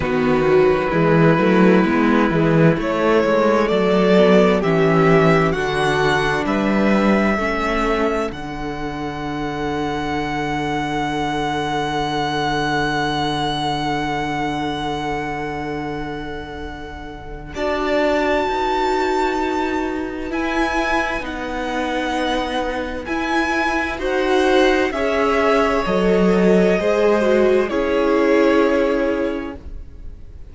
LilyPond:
<<
  \new Staff \with { instrumentName = "violin" } { \time 4/4 \tempo 4 = 65 b'2. cis''4 | d''4 e''4 fis''4 e''4~ | e''4 fis''2.~ | fis''1~ |
fis''2. a''4~ | a''2 gis''4 fis''4~ | fis''4 gis''4 fis''4 e''4 | dis''2 cis''2 | }
  \new Staff \with { instrumentName = "violin" } { \time 4/4 fis'4 e'2. | a'4 g'4 fis'4 b'4 | a'1~ | a'1~ |
a'2. d''4 | b'1~ | b'2 c''4 cis''4~ | cis''4 c''4 gis'2 | }
  \new Staff \with { instrumentName = "viola" } { \time 4/4 b8 fis8 gis8 a8 b8 gis8 a4~ | a8 b8 cis'4 d'2 | cis'4 d'2.~ | d'1~ |
d'2. fis'4~ | fis'2 e'4 dis'4~ | dis'4 e'4 fis'4 gis'4 | a'4 gis'8 fis'8 e'2 | }
  \new Staff \with { instrumentName = "cello" } { \time 4/4 dis4 e8 fis8 gis8 e8 a8 gis8 | fis4 e4 d4 g4 | a4 d2.~ | d1~ |
d2. d'4 | dis'2 e'4 b4~ | b4 e'4 dis'4 cis'4 | fis4 gis4 cis'2 | }
>>